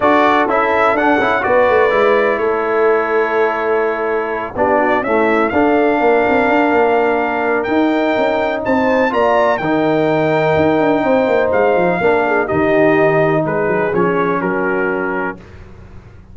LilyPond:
<<
  \new Staff \with { instrumentName = "trumpet" } { \time 4/4 \tempo 4 = 125 d''4 e''4 fis''4 d''4~ | d''4 cis''2.~ | cis''4. d''4 e''4 f''8~ | f''1 |
g''2 a''4 ais''4 | g''1 | f''2 dis''2 | b'4 cis''4 ais'2 | }
  \new Staff \with { instrumentName = "horn" } { \time 4/4 a'2. b'4~ | b'4 a'2.~ | a'4. g'8 fis'8 e'4 a'8~ | a'8 ais'2.~ ais'8~ |
ais'2 c''4 d''4 | ais'2. c''4~ | c''4 ais'8 gis'8 g'2 | gis'2 fis'2 | }
  \new Staff \with { instrumentName = "trombone" } { \time 4/4 fis'4 e'4 d'8 e'8 fis'4 | e'1~ | e'4. d'4 a4 d'8~ | d'1 |
dis'2. f'4 | dis'1~ | dis'4 d'4 dis'2~ | dis'4 cis'2. | }
  \new Staff \with { instrumentName = "tuba" } { \time 4/4 d'4 cis'4 d'8 cis'8 b8 a8 | gis4 a2.~ | a4. b4 cis'4 d'8~ | d'8 ais8 c'8 d'8 ais2 |
dis'4 cis'4 c'4 ais4 | dis2 dis'8 d'8 c'8 ais8 | gis8 f8 ais4 dis2 | gis8 fis8 f4 fis2 | }
>>